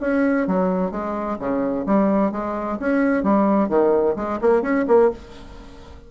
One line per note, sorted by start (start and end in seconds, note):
0.00 0.47 C#4
0.47 0.91 F#3
0.91 1.37 G#3
1.39 1.85 C#3
1.86 2.31 G3
2.31 2.78 G#3
2.79 3.23 C#4
3.23 3.68 G3
3.68 4.15 D#3
4.16 4.39 G#3
4.41 4.62 A#3
4.62 4.85 C#4
4.87 5.10 A#3